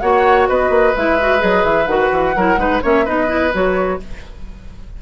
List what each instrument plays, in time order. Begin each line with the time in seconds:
0.00 bassoon A#3, clarinet F#4, oboe C#5, flute F#5
0.48 bassoon B3, oboe B4, flute D#5
0.69 bassoon A#3
0.96 bassoon G#3, clarinet E4, flute E5
1.20 clarinet F#4
1.38 bassoon F#3, clarinet G#4, flute D#5
1.64 bassoon E3, flute E5
1.86 bassoon D#3, clarinet F#4, flute F#5
2.11 bassoon E3
2.36 bassoon F#3, clarinet E4, oboe A#4
2.57 bassoon G#3, clarinet D#4, oboe B4
2.82 bassoon A#3, clarinet C#4, oboe C#5, flute E5
3.05 bassoon B3, clarinet D#4, oboe B4, flute D#5
3.26 clarinet E4
3.53 bassoon F#3, clarinet F#4, flute C#5